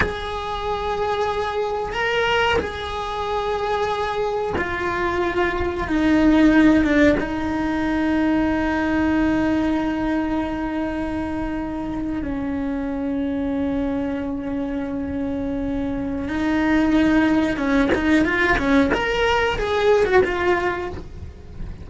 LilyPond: \new Staff \with { instrumentName = "cello" } { \time 4/4 \tempo 4 = 92 gis'2. ais'4 | gis'2. f'4~ | f'4 dis'4. d'8 dis'4~ | dis'1~ |
dis'2~ dis'8. cis'4~ cis'16~ | cis'1~ | cis'4 dis'2 cis'8 dis'8 | f'8 cis'8 ais'4 gis'8. fis'16 f'4 | }